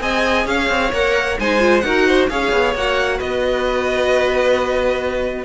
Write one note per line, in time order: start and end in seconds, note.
0.00 0.47 C4
0.00 0.91 G#4
0.00 0.47 D#5
0.00 0.47 G#5
0.47 0.70 C#4
0.47 1.40 C#5
0.47 0.93 F5
0.70 0.92 C4
0.92 1.38 A#3
0.92 1.39 A#4
0.92 1.39 F#5
1.39 1.84 G#3
1.39 1.59 D#4
1.39 1.85 C5
1.39 1.81 G#5
1.59 1.82 F4
1.81 2.29 D#4
1.81 2.30 F#4
1.81 2.07 A#4
1.81 2.26 F#5
2.07 2.30 C5
2.29 2.52 C#4
2.29 2.76 G#4
2.29 3.18 C#5
2.29 2.75 F5
2.52 2.74 B3
2.74 3.20 A#3
2.74 5.45 F#4
2.74 3.20 F#5
3.18 5.45 B3
3.18 5.45 B4
3.18 5.45 D#5